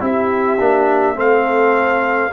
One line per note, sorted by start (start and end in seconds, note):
0.00 0.58 C4
0.00 0.58 E4
0.00 1.16 G4
0.00 1.19 E5
0.59 1.15 A#3
0.59 1.15 D4
1.15 2.31 A3
1.15 2.31 C4
1.15 2.32 A4
1.15 2.32 F5